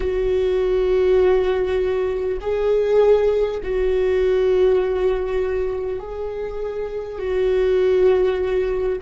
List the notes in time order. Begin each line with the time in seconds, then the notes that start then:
0.00 F#4
2.41 G#4
3.63 F#4
5.99 G#4
7.18 F#4